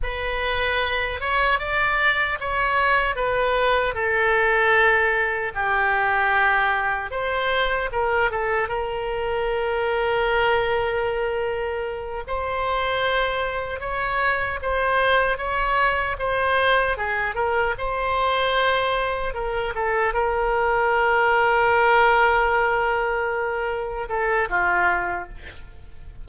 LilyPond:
\new Staff \with { instrumentName = "oboe" } { \time 4/4 \tempo 4 = 76 b'4. cis''8 d''4 cis''4 | b'4 a'2 g'4~ | g'4 c''4 ais'8 a'8 ais'4~ | ais'2.~ ais'8 c''8~ |
c''4. cis''4 c''4 cis''8~ | cis''8 c''4 gis'8 ais'8 c''4.~ | c''8 ais'8 a'8 ais'2~ ais'8~ | ais'2~ ais'8 a'8 f'4 | }